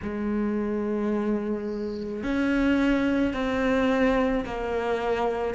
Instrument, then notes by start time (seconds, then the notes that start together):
cello
0.02 G#3
2.23 C#4
3.33 C4
4.44 A#3